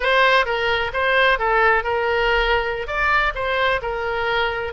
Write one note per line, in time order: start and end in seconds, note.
0.00 0.45 C5
0.45 0.91 A#4
0.93 1.38 C5
1.38 1.83 A4
1.83 2.87 A#4
2.87 3.33 D5
3.34 3.81 C5
3.82 4.73 A#4